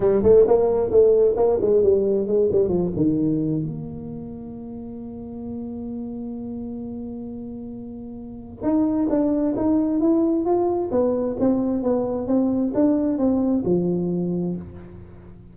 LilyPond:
\new Staff \with { instrumentName = "tuba" } { \time 4/4 \tempo 4 = 132 g8 a8 ais4 a4 ais8 gis8 | g4 gis8 g8 f8 dis4. | ais1~ | ais1~ |
ais2. dis'4 | d'4 dis'4 e'4 f'4 | b4 c'4 b4 c'4 | d'4 c'4 f2 | }